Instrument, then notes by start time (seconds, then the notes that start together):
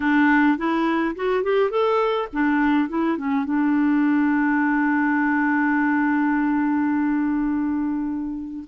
clarinet
0.00 D4
0.57 E4
1.15 F#4
1.43 G4
1.70 A4
2.32 D4
2.88 E4
3.17 C#4
3.44 D4